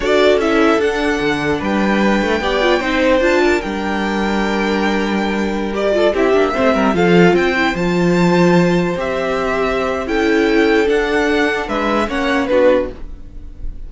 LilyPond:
<<
  \new Staff \with { instrumentName = "violin" } { \time 4/4 \tempo 4 = 149 d''4 e''4 fis''2 | g''1 | a''4 g''2.~ | g''2~ g''16 d''4 e''8.~ |
e''4~ e''16 f''4 g''4 a''8.~ | a''2~ a''16 e''4.~ e''16~ | e''4 g''2 fis''4~ | fis''4 e''4 fis''4 b'4 | }
  \new Staff \with { instrumentName = "violin" } { \time 4/4 a'1 | b'2 d''4 c''4~ | c''8 ais'2.~ ais'8~ | ais'2~ ais'8. a'8 g'8.~ |
g'16 c''8 ais'8 a'4 c''4.~ c''16~ | c''1~ | c''4 a'2.~ | a'4 b'4 cis''4 fis'4 | }
  \new Staff \with { instrumentName = "viola" } { \time 4/4 fis'4 e'4 d'2~ | d'2 g'8 f'8 dis'4 | f'4 d'2.~ | d'2~ d'16 g'8 f'8 e'8 d'16~ |
d'16 c'4 f'4. e'8 f'8.~ | f'2~ f'16 g'4.~ g'16~ | g'4 e'2 d'4~ | d'2 cis'4 d'4 | }
  \new Staff \with { instrumentName = "cello" } { \time 4/4 d'4 cis'4 d'4 d4 | g4. a8 b4 c'4 | d'4 g2.~ | g2.~ g16 c'8 ais16~ |
ais16 a8 g8 f4 c'4 f8.~ | f2~ f16 c'4.~ c'16~ | c'4 cis'2 d'4~ | d'4 gis4 ais4 b4 | }
>>